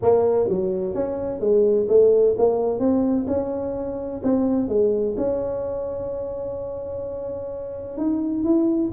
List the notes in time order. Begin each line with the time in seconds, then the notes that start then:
0.01 A#3
0.48 F#3
0.94 C#4
1.40 G#3
1.88 A3
2.38 A#3
2.79 C4
3.27 C#4
4.23 C4
4.68 G#3
5.17 C#4
7.97 D#4
8.44 E4